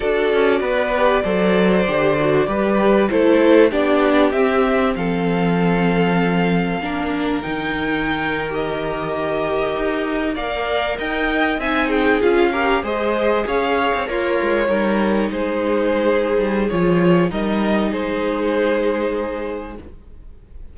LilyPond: <<
  \new Staff \with { instrumentName = "violin" } { \time 4/4 \tempo 4 = 97 d''1~ | d''4 c''4 d''4 e''4 | f''1 | g''4.~ g''16 dis''2~ dis''16~ |
dis''8. f''4 g''4 gis''8 g''8 f''16~ | f''8. dis''4 f''4 cis''4~ cis''16~ | cis''8. c''2~ c''16 cis''4 | dis''4 c''2. | }
  \new Staff \with { instrumentName = "violin" } { \time 4/4 a'4 b'4 c''2 | b'4 a'4 g'2 | a'2. ais'4~ | ais'1~ |
ais'8. d''4 dis''4 e''8 gis'8.~ | gis'16 ais'8 c''4 cis''4 f'4 ais'16~ | ais'8. gis'2.~ gis'16 | ais'4 gis'2. | }
  \new Staff \with { instrumentName = "viola" } { \time 4/4 fis'4. g'8 a'4 g'8 fis'8 | g'4 e'4 d'4 c'4~ | c'2. d'4 | dis'4.~ dis'16 g'2~ g'16~ |
g'8. ais'2 dis'4 f'16~ | f'16 g'8 gis'2 ais'4 dis'16~ | dis'2. f'4 | dis'1 | }
  \new Staff \with { instrumentName = "cello" } { \time 4/4 d'8 cis'8 b4 fis4 d4 | g4 a4 b4 c'4 | f2. ais4 | dis2.~ dis8. dis'16~ |
dis'8. ais4 dis'4 c'4 cis'16~ | cis'8. gis4 cis'8. c'16 ais8 gis8 g16~ | g8. gis4.~ gis16 g8 f4 | g4 gis2. | }
>>